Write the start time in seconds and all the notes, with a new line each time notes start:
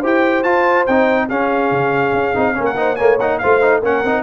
0.00 E4 G4 C5 G5
0.43 F4 A5
0.86 C4 D#4 G5
1.28 C#4 G#4 F5
1.71 C#3
2.13 C#4
2.34 C4 D#4
2.54 A#3 C#4 A#4
2.65 F#5
2.76 D#4 C5
2.96 A3 A#3 C#5 G#5
3.19 A#3 D#4 F#5
3.38 A3 F4 C5 F5
3.61 D#4
3.80 A#3 C#4 A#4 F#5
4.03 C4 D#4